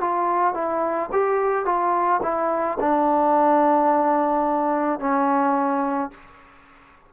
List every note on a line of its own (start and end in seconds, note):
0.00 0.54 F4
0.54 1.09 E4
1.12 1.65 G4
1.65 2.20 F4
2.22 2.78 E4
2.80 4.99 D4
4.99 6.11 C#4